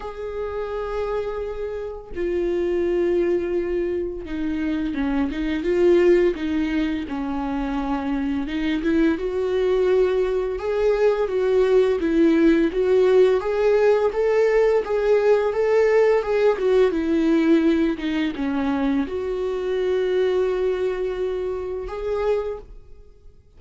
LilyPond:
\new Staff \with { instrumentName = "viola" } { \time 4/4 \tempo 4 = 85 gis'2. f'4~ | f'2 dis'4 cis'8 dis'8 | f'4 dis'4 cis'2 | dis'8 e'8 fis'2 gis'4 |
fis'4 e'4 fis'4 gis'4 | a'4 gis'4 a'4 gis'8 fis'8 | e'4. dis'8 cis'4 fis'4~ | fis'2. gis'4 | }